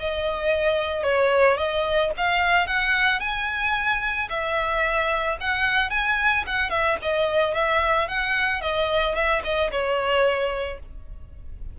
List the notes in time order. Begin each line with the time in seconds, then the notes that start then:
0.00 D#5
1.03 C#5
1.57 D#5
2.17 F5
2.67 F#5
3.20 G#5
4.30 E5
5.41 F#5
5.90 G#5
6.47 F#5
6.70 E5
7.02 D#5
7.55 E5
8.08 F#5
8.61 D#5
9.15 E5
9.44 D#5
9.71 C#5